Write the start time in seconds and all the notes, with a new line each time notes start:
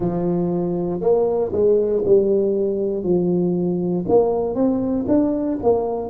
0.00 F3
1.00 A#3
1.52 G#3
2.05 G3
3.03 F3
4.08 A#3
4.54 C4
5.08 D4
5.62 A#3